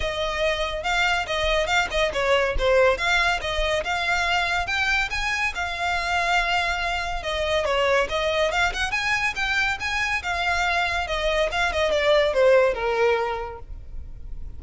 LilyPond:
\new Staff \with { instrumentName = "violin" } { \time 4/4 \tempo 4 = 141 dis''2 f''4 dis''4 | f''8 dis''8 cis''4 c''4 f''4 | dis''4 f''2 g''4 | gis''4 f''2.~ |
f''4 dis''4 cis''4 dis''4 | f''8 fis''8 gis''4 g''4 gis''4 | f''2 dis''4 f''8 dis''8 | d''4 c''4 ais'2 | }